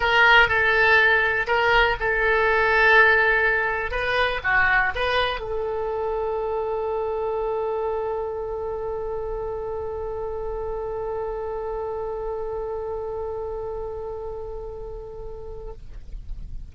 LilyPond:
\new Staff \with { instrumentName = "oboe" } { \time 4/4 \tempo 4 = 122 ais'4 a'2 ais'4 | a'1 | b'4 fis'4 b'4 a'4~ | a'1~ |
a'1~ | a'1~ | a'1~ | a'1 | }